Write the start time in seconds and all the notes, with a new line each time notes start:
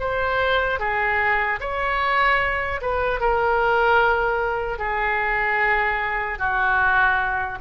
0.00 C5
0.80 G#4
1.61 C#5
2.82 B4
3.20 A#4
4.79 G#4
6.39 F#4